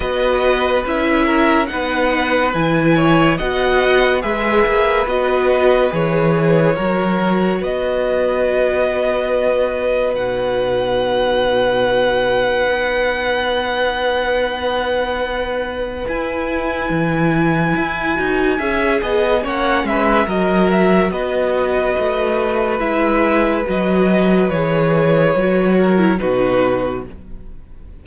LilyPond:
<<
  \new Staff \with { instrumentName = "violin" } { \time 4/4 \tempo 4 = 71 dis''4 e''4 fis''4 gis''4 | fis''4 e''4 dis''4 cis''4~ | cis''4 dis''2. | fis''1~ |
fis''2. gis''4~ | gis''2. fis''8 e''8 | dis''8 e''8 dis''2 e''4 | dis''4 cis''2 b'4 | }
  \new Staff \with { instrumentName = "violin" } { \time 4/4 b'4. ais'8 b'4. cis''8 | dis''4 b'2. | ais'4 b'2.~ | b'1~ |
b'1~ | b'2 e''8 dis''8 cis''8 b'8 | ais'4 b'2.~ | b'2~ b'8 ais'8 fis'4 | }
  \new Staff \with { instrumentName = "viola" } { \time 4/4 fis'4 e'4 dis'4 e'4 | fis'4 gis'4 fis'4 gis'4 | fis'1 | dis'1~ |
dis'2. e'4~ | e'4. fis'8 gis'4 cis'4 | fis'2. e'4 | fis'4 gis'4 fis'8. e'16 dis'4 | }
  \new Staff \with { instrumentName = "cello" } { \time 4/4 b4 cis'4 b4 e4 | b4 gis8 ais8 b4 e4 | fis4 b2. | b,2. b4~ |
b2. e'4 | e4 e'8 dis'8 cis'8 b8 ais8 gis8 | fis4 b4 a4 gis4 | fis4 e4 fis4 b,4 | }
>>